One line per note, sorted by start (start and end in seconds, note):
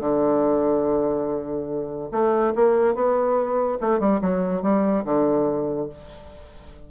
0.00 2.10 D3
2.12 2.54 A3
2.55 2.94 A#3
2.94 3.78 B3
3.81 4.00 A3
4.00 4.21 G3
4.21 4.62 F#3
4.62 5.04 G3
5.05 5.89 D3